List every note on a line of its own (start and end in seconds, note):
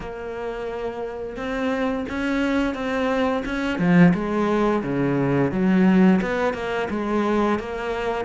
0.00 1.36 A#3
1.36 2.05 C4
2.08 2.74 C#4
2.74 3.43 C4
3.45 3.78 C#4
3.78 4.13 F3
4.13 4.82 G#3
4.83 5.51 C#3
5.51 6.20 F#3
6.21 6.53 B3
6.53 6.88 A#3
6.90 7.59 G#3
7.59 8.24 A#3